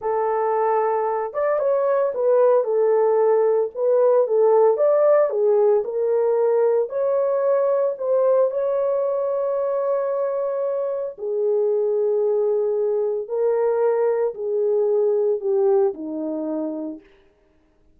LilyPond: \new Staff \with { instrumentName = "horn" } { \time 4/4 \tempo 4 = 113 a'2~ a'8 d''8 cis''4 | b'4 a'2 b'4 | a'4 d''4 gis'4 ais'4~ | ais'4 cis''2 c''4 |
cis''1~ | cis''4 gis'2.~ | gis'4 ais'2 gis'4~ | gis'4 g'4 dis'2 | }